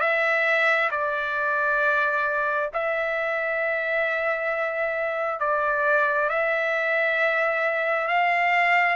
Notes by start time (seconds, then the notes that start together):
0.00 E5
0.91 D5
2.73 E5
5.39 D5
6.29 E5
8.08 F5